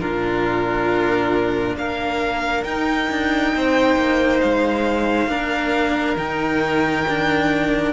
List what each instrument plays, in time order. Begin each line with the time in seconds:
0.00 cello A#2 D4, violin F4 A#4
1.75 cello A#3, violin A#4 F5
2.64 cello D#4, violin G5
3.10 cello D4
3.55 cello C4, violin C5
3.95 cello A#3
4.40 cello G#3, violin F5
5.27 cello A#3 D4, violin A#4
6.16 cello D#3 D#4, violin G5
7.08 cello D4